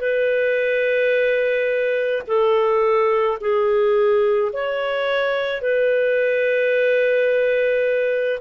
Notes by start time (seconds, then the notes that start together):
0.00 B4
2.27 A4
3.40 G#4
4.52 C#5
5.61 B4